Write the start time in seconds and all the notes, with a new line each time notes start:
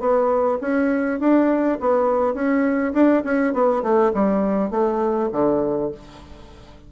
0.00 B3
0.61 C#4
1.20 D4
1.80 B3
2.34 C#4
2.94 D4
3.24 C#4
3.53 B3
3.83 A3
4.14 G3
4.71 A3
5.33 D3